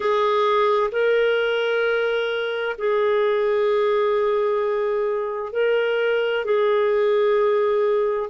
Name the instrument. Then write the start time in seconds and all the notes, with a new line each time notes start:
clarinet
0.00 G#4
0.91 A#4
2.78 G#4
5.52 A#4
6.44 G#4